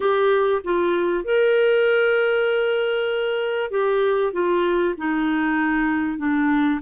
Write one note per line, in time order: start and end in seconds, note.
0.00 0.62 G4
0.64 1.24 F4
1.24 3.70 A#4
3.70 4.32 G4
4.32 4.94 F4
4.97 6.18 D#4
6.18 6.80 D4